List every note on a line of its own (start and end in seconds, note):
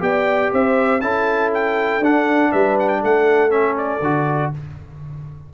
0.00 0.51 B3
0.00 1.00 G4
0.00 0.53 D5
0.00 0.53 G5
0.53 1.02 C4
0.53 1.02 C5
0.53 1.01 E5
1.01 2.00 C#4
1.01 2.02 E4
1.01 2.52 A4
1.01 1.51 A5
1.54 2.04 G5
2.00 2.50 D4
2.00 3.50 D4
2.00 2.52 F#5
2.52 3.04 G3
2.52 3.01 B4
2.52 2.77 E5
2.79 2.89 F#5
2.89 3.01 G5
3.01 4.01 A3
3.01 4.51 A4
3.01 3.51 F#5
3.50 4.00 C#4
3.50 3.76 E5
3.78 4.53 D5
4.01 4.51 D3
4.01 4.54 F#4